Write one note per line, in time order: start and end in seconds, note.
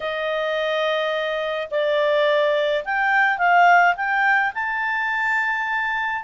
0.00 1.67 D#5
1.70 2.84 D5
2.85 3.38 G5
3.38 3.94 F5
3.96 4.53 G5
4.54 6.23 A5